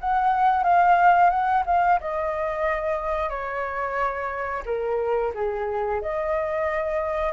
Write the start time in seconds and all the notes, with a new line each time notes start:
0.00 F#5
0.63 F5
1.29 F#5
1.66 F5
2.00 D#5
3.29 C#5
4.65 A#4
5.34 G#4
6.01 D#5